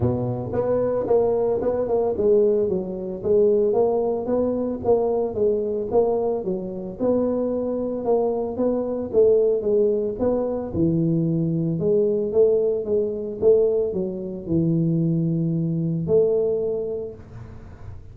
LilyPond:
\new Staff \with { instrumentName = "tuba" } { \time 4/4 \tempo 4 = 112 b,4 b4 ais4 b8 ais8 | gis4 fis4 gis4 ais4 | b4 ais4 gis4 ais4 | fis4 b2 ais4 |
b4 a4 gis4 b4 | e2 gis4 a4 | gis4 a4 fis4 e4~ | e2 a2 | }